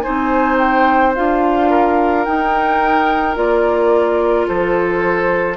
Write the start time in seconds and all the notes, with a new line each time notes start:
0.00 D#4 C5 G#5
0.07 C4
0.58 G5
1.15 D4 F4 F5
1.70 A#4
2.25 D#4 G5
3.35 A#3 F4 D5
4.47 F3 A4 C5